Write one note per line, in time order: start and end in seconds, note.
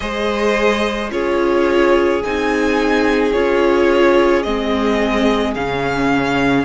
0.00 1.10 G#3
0.00 1.09 G#4
0.00 1.12 C5
0.00 1.10 D#5
1.10 2.22 C#4
1.10 2.21 F4
1.10 6.64 G#4
1.10 2.22 C#5
2.23 3.36 C4
2.23 3.33 D#4
2.23 3.32 G#5
3.32 4.45 C#4
3.32 4.44 F4
3.32 4.43 C#5
4.43 5.55 G#3
4.43 5.56 C4
4.43 5.54 D#5
5.54 6.64 C#3
5.54 6.64 C#4
5.54 6.64 F5